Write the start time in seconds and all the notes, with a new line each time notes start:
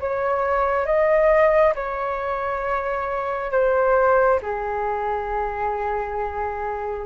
0.00 C#5
0.86 D#5
1.75 C#5
3.52 C5
4.42 G#4